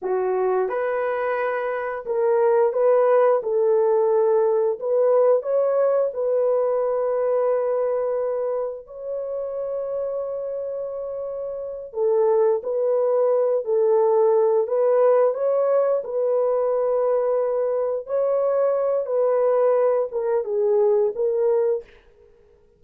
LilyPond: \new Staff \with { instrumentName = "horn" } { \time 4/4 \tempo 4 = 88 fis'4 b'2 ais'4 | b'4 a'2 b'4 | cis''4 b'2.~ | b'4 cis''2.~ |
cis''4. a'4 b'4. | a'4. b'4 cis''4 b'8~ | b'2~ b'8 cis''4. | b'4. ais'8 gis'4 ais'4 | }